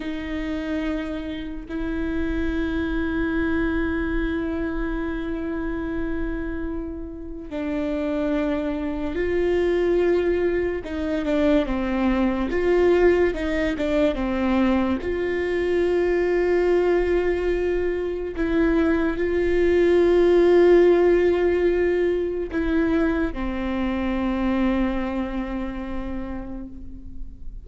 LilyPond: \new Staff \with { instrumentName = "viola" } { \time 4/4 \tempo 4 = 72 dis'2 e'2~ | e'1~ | e'4 d'2 f'4~ | f'4 dis'8 d'8 c'4 f'4 |
dis'8 d'8 c'4 f'2~ | f'2 e'4 f'4~ | f'2. e'4 | c'1 | }